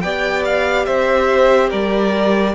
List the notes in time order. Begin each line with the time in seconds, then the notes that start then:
0.00 B3 G4 D5 G5
0.44 F5
0.85 C4 C5 E5
1.69 G3 A#4 D5